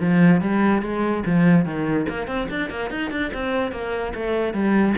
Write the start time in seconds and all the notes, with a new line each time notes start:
0.00 F3
0.41 G3
0.82 G#3
1.26 F3
1.65 D#3
2.09 A#3
2.27 C4
2.50 D4
2.70 A#3
2.91 D#4
3.11 D4
3.34 C4
3.72 A#3
4.14 A3
4.54 G3